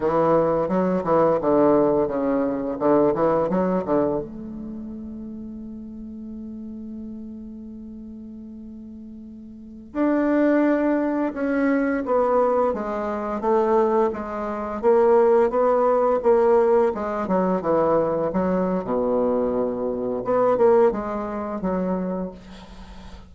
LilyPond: \new Staff \with { instrumentName = "bassoon" } { \time 4/4 \tempo 4 = 86 e4 fis8 e8 d4 cis4 | d8 e8 fis8 d8 a2~ | a1~ | a2~ a16 d'4.~ d'16~ |
d'16 cis'4 b4 gis4 a8.~ | a16 gis4 ais4 b4 ais8.~ | ais16 gis8 fis8 e4 fis8. b,4~ | b,4 b8 ais8 gis4 fis4 | }